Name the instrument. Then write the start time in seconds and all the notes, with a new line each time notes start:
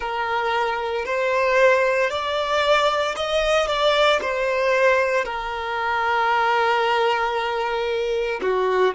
violin
0.00 A#4
1.05 C5
2.10 D5
3.16 D#5
3.67 D5
4.21 C5
5.24 A#4
8.41 F#4